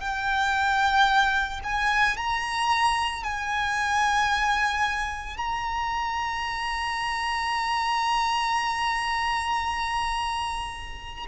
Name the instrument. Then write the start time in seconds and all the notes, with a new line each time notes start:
violin
0.00 G5
1.64 G#5
2.17 A#5
3.24 G#5
5.37 A#5